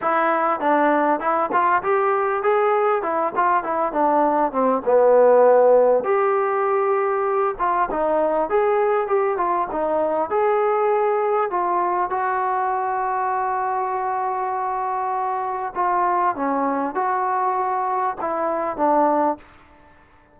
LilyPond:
\new Staff \with { instrumentName = "trombone" } { \time 4/4 \tempo 4 = 99 e'4 d'4 e'8 f'8 g'4 | gis'4 e'8 f'8 e'8 d'4 c'8 | b2 g'2~ | g'8 f'8 dis'4 gis'4 g'8 f'8 |
dis'4 gis'2 f'4 | fis'1~ | fis'2 f'4 cis'4 | fis'2 e'4 d'4 | }